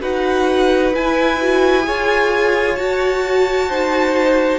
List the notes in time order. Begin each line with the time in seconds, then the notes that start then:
0.00 D#4 F#4 B4 F#5
0.94 E4 G#5
1.40 F#4
1.82 F4 G#4 C#5
2.75 F#4 A5
3.69 D#4 C5